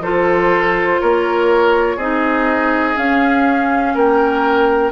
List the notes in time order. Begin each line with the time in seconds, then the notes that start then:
0.00 F3 F4 A4 C5
1.01 A#3 A#4 C#5
1.97 C4 D#4 G#4 D#5
2.96 C#4 F5
3.94 A#3 A#4 G5